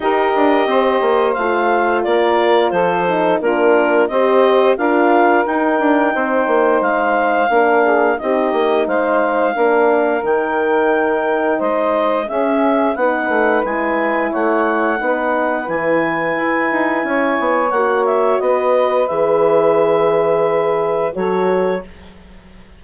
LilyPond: <<
  \new Staff \with { instrumentName = "clarinet" } { \time 4/4 \tempo 4 = 88 dis''2 f''4 d''4 | c''4 ais'4 dis''4 f''4 | g''2 f''2 | dis''4 f''2 g''4~ |
g''4 dis''4 e''4 fis''4 | gis''4 fis''2 gis''4~ | gis''2 fis''8 e''8 dis''4 | e''2. cis''4 | }
  \new Staff \with { instrumentName = "saxophone" } { \time 4/4 ais'4 c''2 ais'4 | a'4 f'4 c''4 ais'4~ | ais'4 c''2 ais'8 gis'8 | g'4 c''4 ais'2~ |
ais'4 c''4 gis'4 b'4~ | b'4 cis''4 b'2~ | b'4 cis''2 b'4~ | b'2. a'4 | }
  \new Staff \with { instrumentName = "horn" } { \time 4/4 g'2 f'2~ | f'8 dis'8 d'4 g'4 f'4 | dis'2. d'4 | dis'2 d'4 dis'4~ |
dis'2 cis'4 dis'4 | e'2 dis'4 e'4~ | e'2 fis'2 | gis'2. fis'4 | }
  \new Staff \with { instrumentName = "bassoon" } { \time 4/4 dis'8 d'8 c'8 ais8 a4 ais4 | f4 ais4 c'4 d'4 | dis'8 d'8 c'8 ais8 gis4 ais4 | c'8 ais8 gis4 ais4 dis4~ |
dis4 gis4 cis'4 b8 a8 | gis4 a4 b4 e4 | e'8 dis'8 cis'8 b8 ais4 b4 | e2. fis4 | }
>>